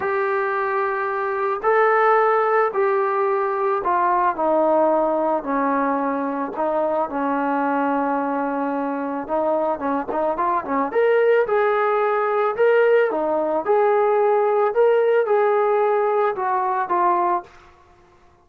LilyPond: \new Staff \with { instrumentName = "trombone" } { \time 4/4 \tempo 4 = 110 g'2. a'4~ | a'4 g'2 f'4 | dis'2 cis'2 | dis'4 cis'2.~ |
cis'4 dis'4 cis'8 dis'8 f'8 cis'8 | ais'4 gis'2 ais'4 | dis'4 gis'2 ais'4 | gis'2 fis'4 f'4 | }